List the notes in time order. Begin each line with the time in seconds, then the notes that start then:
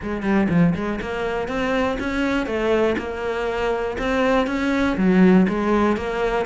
0.02 G#3
0.22 G3
0.49 F3
0.74 G#3
1.01 A#3
1.47 C4
1.99 C#4
2.46 A3
2.98 A#3
3.98 C4
4.46 C#4
4.97 F#3
5.48 G#3
5.97 A#3